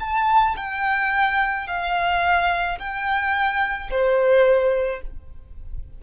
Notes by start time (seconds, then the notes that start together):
0.00 A5
0.57 G5
1.67 F5
2.79 G5
3.90 C5